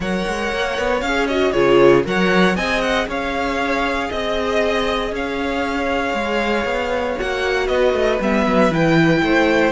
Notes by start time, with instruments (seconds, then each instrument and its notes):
0.00 cello F#3, viola A#4, violin C#5 F#5
0.27 cello G#3
0.53 cello A#3
0.78 cello B3
1.00 cello C#4, viola G#4, violin F5
1.27 viola F#4, violin D#5
1.51 cello C#3, viola F4, violin G#4 C#5
2.04 cello F#3, viola A#4, violin C#5 F#5
2.55 cello C4, viola G#4, violin D#5 G#5
2.81 violin F#5
3.07 cello C#4, violin C#5 F5
4.08 cello C4, violin D#5
5.12 cello C#4, violin C#5 F5
6.13 cello G#3
6.64 cello B3
7.17 cello A#3, viola F#4, violin F#5
7.66 cello B3, violin B4 D#5
7.93 cello A3
8.20 cello G3, viola B3, violin E5
8.46 cello F#3
8.70 cello E3, viola E4, violin G5
9.22 cello A3, violin C5